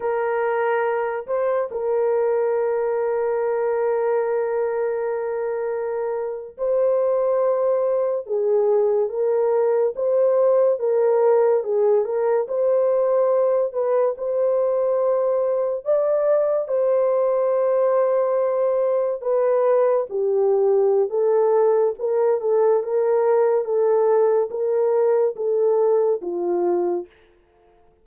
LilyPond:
\new Staff \with { instrumentName = "horn" } { \time 4/4 \tempo 4 = 71 ais'4. c''8 ais'2~ | ais'2.~ ais'8. c''16~ | c''4.~ c''16 gis'4 ais'4 c''16~ | c''8. ais'4 gis'8 ais'8 c''4~ c''16~ |
c''16 b'8 c''2 d''4 c''16~ | c''2~ c''8. b'4 g'16~ | g'4 a'4 ais'8 a'8 ais'4 | a'4 ais'4 a'4 f'4 | }